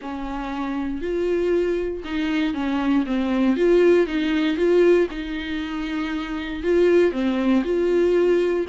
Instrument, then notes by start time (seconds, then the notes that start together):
viola
0.01 C#4
1.01 F4
2.04 D#4
2.54 C#4
3.06 C4
3.56 F4
4.07 D#4
4.56 F4
5.10 D#4
6.63 F4
7.11 C4
7.64 F4